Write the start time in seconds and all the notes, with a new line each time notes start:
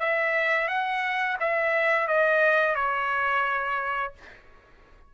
0.00 E5
0.69 F#5
1.40 E5
2.08 D#5
2.76 C#5